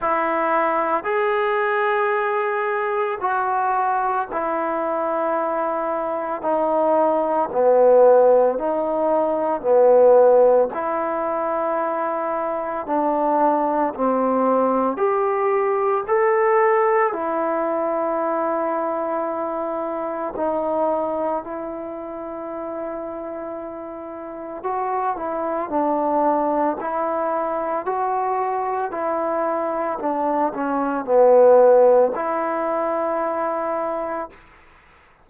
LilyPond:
\new Staff \with { instrumentName = "trombone" } { \time 4/4 \tempo 4 = 56 e'4 gis'2 fis'4 | e'2 dis'4 b4 | dis'4 b4 e'2 | d'4 c'4 g'4 a'4 |
e'2. dis'4 | e'2. fis'8 e'8 | d'4 e'4 fis'4 e'4 | d'8 cis'8 b4 e'2 | }